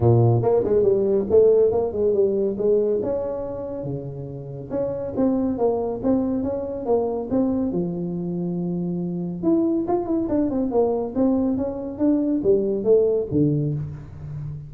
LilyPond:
\new Staff \with { instrumentName = "tuba" } { \time 4/4 \tempo 4 = 140 ais,4 ais8 gis8 g4 a4 | ais8 gis8 g4 gis4 cis'4~ | cis'4 cis2 cis'4 | c'4 ais4 c'4 cis'4 |
ais4 c'4 f2~ | f2 e'4 f'8 e'8 | d'8 c'8 ais4 c'4 cis'4 | d'4 g4 a4 d4 | }